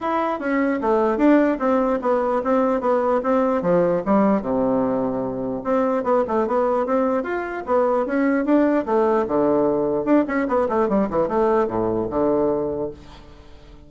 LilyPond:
\new Staff \with { instrumentName = "bassoon" } { \time 4/4 \tempo 4 = 149 e'4 cis'4 a4 d'4 | c'4 b4 c'4 b4 | c'4 f4 g4 c4~ | c2 c'4 b8 a8 |
b4 c'4 f'4 b4 | cis'4 d'4 a4 d4~ | d4 d'8 cis'8 b8 a8 g8 e8 | a4 a,4 d2 | }